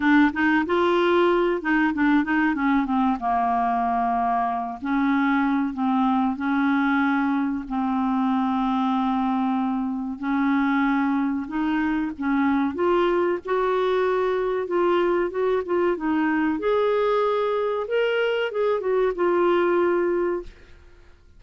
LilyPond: \new Staff \with { instrumentName = "clarinet" } { \time 4/4 \tempo 4 = 94 d'8 dis'8 f'4. dis'8 d'8 dis'8 | cis'8 c'8 ais2~ ais8 cis'8~ | cis'4 c'4 cis'2 | c'1 |
cis'2 dis'4 cis'4 | f'4 fis'2 f'4 | fis'8 f'8 dis'4 gis'2 | ais'4 gis'8 fis'8 f'2 | }